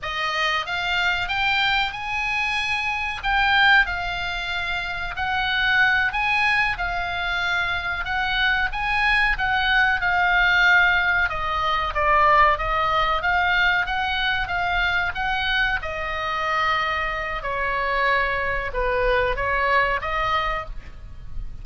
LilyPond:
\new Staff \with { instrumentName = "oboe" } { \time 4/4 \tempo 4 = 93 dis''4 f''4 g''4 gis''4~ | gis''4 g''4 f''2 | fis''4. gis''4 f''4.~ | f''8 fis''4 gis''4 fis''4 f''8~ |
f''4. dis''4 d''4 dis''8~ | dis''8 f''4 fis''4 f''4 fis''8~ | fis''8 dis''2~ dis''8 cis''4~ | cis''4 b'4 cis''4 dis''4 | }